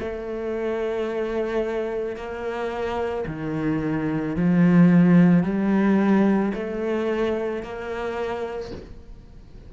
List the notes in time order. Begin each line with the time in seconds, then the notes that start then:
0.00 A3
2.16 A#3
3.27 D#3
4.36 F3
5.43 G3
6.54 A3
7.63 A#3